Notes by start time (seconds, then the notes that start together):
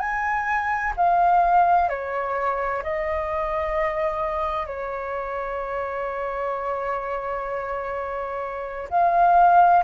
0.00 G#5
0.97 F5
1.89 C#5
2.83 D#5
4.67 C#5
8.90 F5